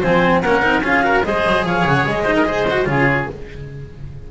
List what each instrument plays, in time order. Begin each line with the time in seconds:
0.00 double bass F3, cello C4, oboe C5, clarinet G#5
0.42 double bass A#3, cello C#4, oboe A#4, clarinet F#5
0.62 double bass C4, cello D#4
0.81 double bass C#4, cello F4, oboe G#4, clarinet F5
1.03 cello F#4, oboe A#4
1.24 double bass G#3, cello G#4, oboe C5, clarinet D#5
1.46 double bass F#3
1.64 double bass F3, oboe C#5, clarinet F5
1.85 double bass C#3, clarinet F#5
2.07 double bass G#3, clarinet D#5
2.24 cello D#4, oboe C5
2.36 oboe A#4
2.46 cello G#4, oboe C5
2.71 cello F#4
2.86 double bass C#3, cello F4, oboe G#4, clarinet C#5